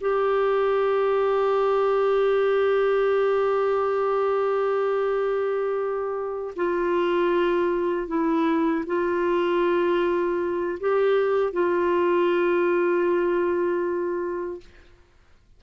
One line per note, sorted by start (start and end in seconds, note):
0.00 6.54 G4
6.56 8.07 F4
8.07 8.84 E4
8.86 10.78 F4
10.80 11.52 G4
11.52 14.60 F4